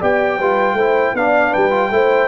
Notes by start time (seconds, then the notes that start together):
0.00 B3 G4 D5 G5
0.38 G3 F4 B4
0.74 A3 E4 C5
1.14 B3 D4 D5 F5
1.51 G3 B4 G5
1.71 F4
1.91 A3 E4 C5